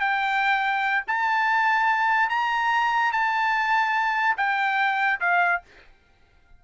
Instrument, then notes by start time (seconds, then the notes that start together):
trumpet
0.00 G5
1.07 A5
2.29 A#5
3.12 A5
4.37 G5
5.20 F5